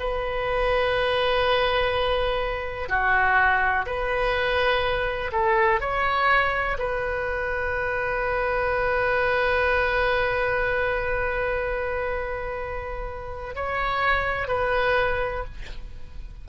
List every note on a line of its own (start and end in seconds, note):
0.00 2.89 B4
2.89 3.86 F#4
3.86 5.31 B4
5.32 5.81 A4
5.81 6.77 C#5
6.79 13.56 B4
13.56 14.48 C#5
14.48 15.45 B4